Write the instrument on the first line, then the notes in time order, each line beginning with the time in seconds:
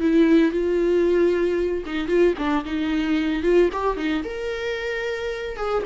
viola
0.00 E4
0.51 F4
1.86 D#4
2.07 F4
2.37 D4
2.65 D#4
3.42 F4
3.72 G4
3.96 D#4
4.24 A#4
5.56 G#4